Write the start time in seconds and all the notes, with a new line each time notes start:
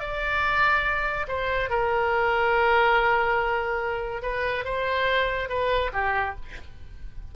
0.00 D5
1.28 C5
1.70 A#4
4.22 B4
4.65 C5
5.49 B4
5.93 G4